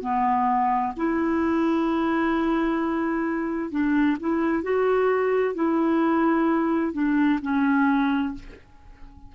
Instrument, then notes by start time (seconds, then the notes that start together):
clarinet
0.00 B3
0.96 E4
3.70 D4
4.20 E4
4.62 F#4
5.54 E4
6.93 D4
7.41 C#4